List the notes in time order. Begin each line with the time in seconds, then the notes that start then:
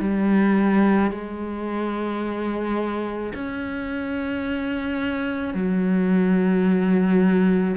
0.00 G3
1.11 G#3
3.34 C#4
5.54 F#3